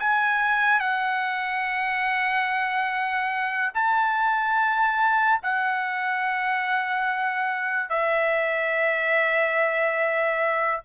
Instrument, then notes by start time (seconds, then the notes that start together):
trumpet
0.00 G#5
0.80 F#5
3.74 A5
5.43 F#5
7.90 E5